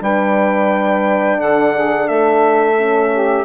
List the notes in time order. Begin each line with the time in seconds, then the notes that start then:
0.00 G3 D4 B4 G5
1.38 D3 A4 F#5
1.74 G#4
2.08 A3 A4 E5
2.78 C#4
3.12 G4